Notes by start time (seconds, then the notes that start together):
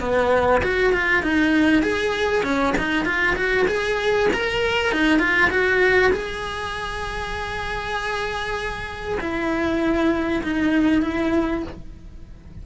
0.00 B3
0.63 F#4
0.93 F4
1.22 D#4
1.82 G#4
2.43 C#4
2.78 D#4
3.05 F4
3.36 F#4
3.67 G#4
4.33 A#4
4.92 D#4
5.19 F4
5.50 F#4
6.12 G#4
9.20 E4
10.43 D#4
11.02 E4